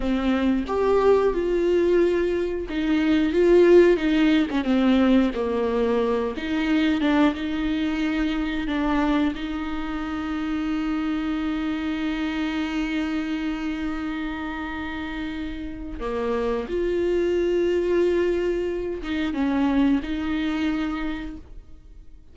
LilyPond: \new Staff \with { instrumentName = "viola" } { \time 4/4 \tempo 4 = 90 c'4 g'4 f'2 | dis'4 f'4 dis'8. cis'16 c'4 | ais4. dis'4 d'8 dis'4~ | dis'4 d'4 dis'2~ |
dis'1~ | dis'1 | ais4 f'2.~ | f'8 dis'8 cis'4 dis'2 | }